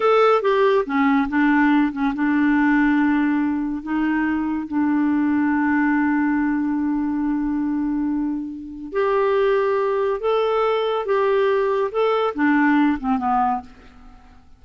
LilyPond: \new Staff \with { instrumentName = "clarinet" } { \time 4/4 \tempo 4 = 141 a'4 g'4 cis'4 d'4~ | d'8 cis'8 d'2.~ | d'4 dis'2 d'4~ | d'1~ |
d'1~ | d'4 g'2. | a'2 g'2 | a'4 d'4. c'8 b4 | }